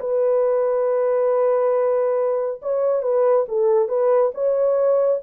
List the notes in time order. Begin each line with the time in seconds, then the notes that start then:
0.00 B4
2.62 C#5
3.03 B4
3.49 A4
3.88 B4
4.34 C#5